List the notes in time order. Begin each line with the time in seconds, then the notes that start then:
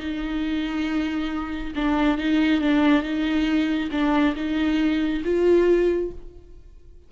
0.00 D#4
1.76 D4
2.18 D#4
2.61 D4
3.03 D#4
3.92 D4
4.36 D#4
5.25 F4